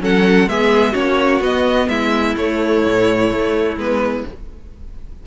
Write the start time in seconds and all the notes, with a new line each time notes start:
0.00 F#3 C#4 A4 F#5
0.46 G#3 B3 G#4 E5
0.92 A#3 C#4 F#4 C#5
1.40 B3 D#5
1.88 G#3 E4 E5
2.36 A3 C#5
2.84 A2
3.31 A3
3.76 G#3 B3 B4